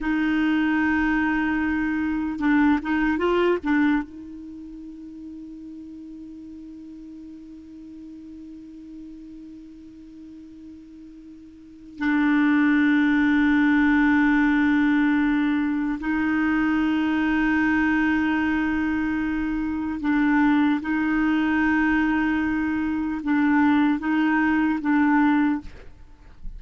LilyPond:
\new Staff \with { instrumentName = "clarinet" } { \time 4/4 \tempo 4 = 75 dis'2. d'8 dis'8 | f'8 d'8 dis'2.~ | dis'1~ | dis'2. d'4~ |
d'1 | dis'1~ | dis'4 d'4 dis'2~ | dis'4 d'4 dis'4 d'4 | }